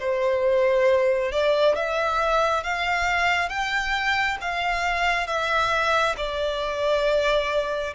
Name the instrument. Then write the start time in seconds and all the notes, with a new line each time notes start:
violin
0.00 C5
1.32 D5
1.76 E5
2.64 F5
3.50 G5
4.42 F5
5.27 E5
6.18 D5